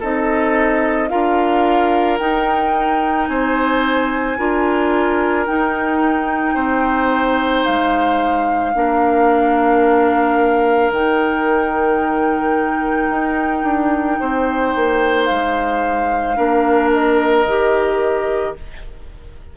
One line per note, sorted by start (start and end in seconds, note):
0.00 1.12 C4
0.00 1.10 D#4
0.00 1.09 A4
0.00 1.09 D#5
1.09 2.20 D4
1.09 2.19 F4
1.09 3.29 A#4
1.09 2.18 F5
2.18 3.29 D#4
2.18 4.38 D#4
2.18 3.27 G5
3.27 4.38 C4
3.27 4.39 C5
3.27 5.46 G#5
4.38 5.47 D4
4.38 5.46 F4
4.38 6.54 A#4
5.46 8.74 D#4
5.46 6.55 D#4
5.46 7.65 G5
6.54 7.65 C4
6.54 8.72 C5
7.65 8.75 G#3
7.65 10.92 F5
8.74 10.90 A#3
8.74 10.92 D4
8.74 14.20 A#4
10.90 13.09 D#3
10.90 16.36 D#4
10.90 15.25 G5
13.10 13.63 D#4
13.63 14.18 D4
14.20 14.75 C4
14.20 16.37 C5
14.76 15.30 A#3
15.25 16.38 G#3
15.25 16.89 F5
16.36 17.46 A#3
16.36 17.45 D4
16.36 18.55 A#4
16.93 18.57 D#5
17.46 18.55 D#3
17.46 18.57 G4